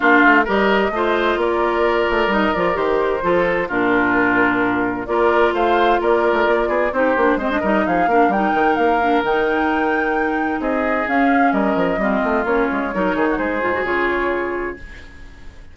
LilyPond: <<
  \new Staff \with { instrumentName = "flute" } { \time 4/4 \tempo 4 = 130 f''4 dis''2 d''4~ | d''4 dis''8 d''8 c''2 | ais'2. d''4 | f''4 d''2 c''4 |
dis''4 f''4 g''4 f''4 | g''2. dis''4 | f''4 dis''2 cis''4~ | cis''4 c''4 cis''2 | }
  \new Staff \with { instrumentName = "oboe" } { \time 4/4 f'4 ais'4 c''4 ais'4~ | ais'2. a'4 | f'2. ais'4 | c''4 ais'4. gis'8 g'4 |
c''8 ais'8 gis'8 ais'2~ ais'8~ | ais'2. gis'4~ | gis'4 ais'4 f'2 | ais'8 gis'16 fis'16 gis'2. | }
  \new Staff \with { instrumentName = "clarinet" } { \time 4/4 d'4 g'4 f'2~ | f'4 dis'8 f'8 g'4 f'4 | d'2. f'4~ | f'2. dis'8 d'8 |
c'16 d'16 dis'4 d'8 dis'4. d'8 | dis'1 | cis'2 c'4 cis'4 | dis'4. f'16 fis'16 f'2 | }
  \new Staff \with { instrumentName = "bassoon" } { \time 4/4 ais8 a8 g4 a4 ais4~ | ais8 a8 g8 f8 dis4 f4 | ais,2. ais4 | a4 ais8. a16 ais8 b8 c'8 ais8 |
gis8 g8 f8 ais8 g8 dis8 ais4 | dis2. c'4 | cis'4 g8 f8 g8 a8 ais8 gis8 | fis8 dis8 gis8 gis,8 cis2 | }
>>